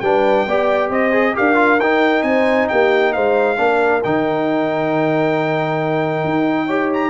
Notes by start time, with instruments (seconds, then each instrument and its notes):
0.00 tuba G3, trombone D4, horn B4, trumpet G5
0.46 tuba B3, trombone G4, horn D5
0.90 tuba C4, horn C5, trumpet D#5
1.12 trombone G#4
1.33 tuba D4, trombone G4, horn A#4, trumpet F5
1.55 trombone F4
1.79 tuba D#4, trombone D#4, trumpet G5
2.22 tuba C4, horn C5, trumpet G#5
2.68 tuba A#3, horn G4, trumpet G5
3.13 tuba G#3, horn C5, trumpet F5
3.56 tuba A#3, trombone D4, horn A#4
4.03 tuba D#3, trombone D#4, trumpet G5
6.24 tuba D#4
6.65 trombone G4, horn C#5
6.93 trumpet A#5